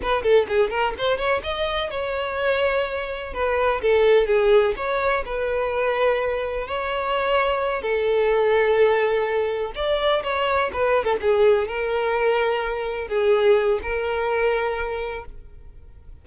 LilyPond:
\new Staff \with { instrumentName = "violin" } { \time 4/4 \tempo 4 = 126 b'8 a'8 gis'8 ais'8 c''8 cis''8 dis''4 | cis''2. b'4 | a'4 gis'4 cis''4 b'4~ | b'2 cis''2~ |
cis''8 a'2.~ a'8~ | a'8 d''4 cis''4 b'8. a'16 gis'8~ | gis'8 ais'2. gis'8~ | gis'4 ais'2. | }